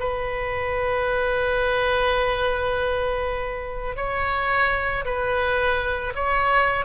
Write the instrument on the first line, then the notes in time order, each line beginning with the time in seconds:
oboe
0.00 B4
3.96 C#5
5.05 B4
6.15 C#5